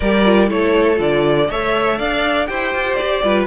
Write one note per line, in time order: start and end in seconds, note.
0.00 0.50 G3
0.00 0.24 G4
0.00 0.48 A#4
0.00 0.49 D5
0.24 0.47 F4
0.47 0.99 A3
0.47 0.95 E4
0.47 1.48 A4
0.47 0.99 C#5
0.95 1.49 D3
0.95 1.44 F4
0.95 1.50 D5
1.49 1.99 A3
1.49 2.46 A4
1.49 1.97 C#5
1.49 1.98 E5
1.97 2.49 D4
1.97 2.47 D5
1.97 2.46 F5
2.46 2.73 E4
2.46 3.20 G4
2.46 3.23 C5
2.46 2.94 G5
2.73 2.98 F4
2.94 3.44 D5
3.00 3.23 G4
3.23 3.47 G3
3.23 3.47 F4
3.23 3.47 B4